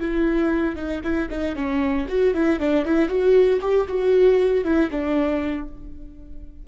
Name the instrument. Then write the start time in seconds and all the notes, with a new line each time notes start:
viola
0.00 E4
0.76 D#4
1.04 E4
1.30 D#4
1.56 C#4
2.09 F#4
2.34 E4
2.60 D4
2.85 E4
3.09 F#4
3.62 G4
3.88 F#4
4.64 E4
4.91 D4